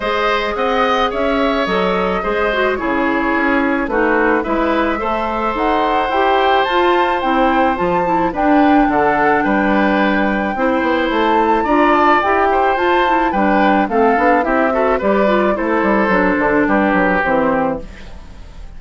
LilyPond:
<<
  \new Staff \with { instrumentName = "flute" } { \time 4/4 \tempo 4 = 108 dis''4 fis''4 e''4 dis''4~ | dis''4 cis''2 b'4 | e''2 fis''4 g''4 | a''4 g''4 a''4 g''4 |
fis''4 g''2. | a''4 ais''8 a''8 g''4 a''4 | g''4 f''4 e''4 d''4 | c''2 b'4 c''4 | }
  \new Staff \with { instrumentName = "oboe" } { \time 4/4 c''4 dis''4 cis''2 | c''4 gis'2 fis'4 | b'4 c''2.~ | c''2. b'4 |
a'4 b'2 c''4~ | c''4 d''4. c''4. | b'4 a'4 g'8 a'8 b'4 | a'2 g'2 | }
  \new Staff \with { instrumentName = "clarinet" } { \time 4/4 gis'2. a'4 | gis'8 fis'8 e'2 dis'4 | e'4 a'2 g'4 | f'4 e'4 f'8 e'8 d'4~ |
d'2. e'4~ | e'4 f'4 g'4 f'8 e'8 | d'4 c'8 d'8 e'8 fis'8 g'8 f'8 | e'4 d'2 c'4 | }
  \new Staff \with { instrumentName = "bassoon" } { \time 4/4 gis4 c'4 cis'4 fis4 | gis4 cis4 cis'4 a4 | gis4 a4 dis'4 e'4 | f'4 c'4 f4 d'4 |
d4 g2 c'8 b8 | a4 d'4 e'4 f'4 | g4 a8 b8 c'4 g4 | a8 g8 fis8 d8 g8 fis8 e4 | }
>>